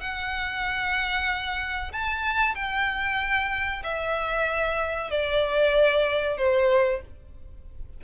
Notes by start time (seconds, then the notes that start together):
0.00 F#5
1.92 A5
2.54 G5
3.83 E5
5.10 D5
6.37 C5